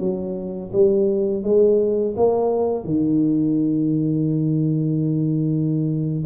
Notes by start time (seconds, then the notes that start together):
0.00 F#3
0.73 G3
1.44 G#3
2.17 A#3
2.84 D#3